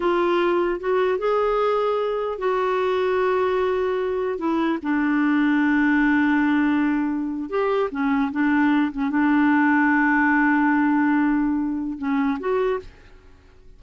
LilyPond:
\new Staff \with { instrumentName = "clarinet" } { \time 4/4 \tempo 4 = 150 f'2 fis'4 gis'4~ | gis'2 fis'2~ | fis'2. e'4 | d'1~ |
d'2~ d'8. g'4 cis'16~ | cis'8. d'4. cis'8 d'4~ d'16~ | d'1~ | d'2 cis'4 fis'4 | }